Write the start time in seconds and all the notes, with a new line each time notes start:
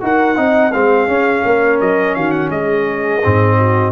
0.00 D#4 F#4 A#4 F#5
0.36 C4 D#4 D#5
0.72 G#3 C4 G#4 F5
1.07 C#4
1.45 A#3 A#4
1.80 F#3 D#5
2.14 D#3 F#4 F5
2.31 F#5
2.50 G#3 G#4 D#5
3.23 G#2 C4
3.57 F#4